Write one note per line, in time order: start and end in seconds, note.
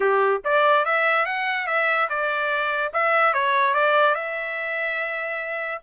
0.00 0.42 G4
0.44 0.85 D5
0.85 1.25 E5
1.25 1.66 F#5
1.66 2.08 E5
2.09 2.92 D5
2.93 3.33 E5
3.33 3.74 C#5
3.74 4.15 D5
4.15 5.81 E5